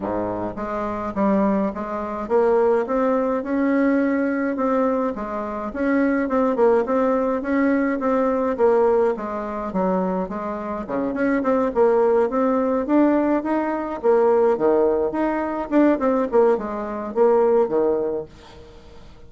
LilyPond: \new Staff \with { instrumentName = "bassoon" } { \time 4/4 \tempo 4 = 105 gis,4 gis4 g4 gis4 | ais4 c'4 cis'2 | c'4 gis4 cis'4 c'8 ais8 | c'4 cis'4 c'4 ais4 |
gis4 fis4 gis4 cis8 cis'8 | c'8 ais4 c'4 d'4 dis'8~ | dis'8 ais4 dis4 dis'4 d'8 | c'8 ais8 gis4 ais4 dis4 | }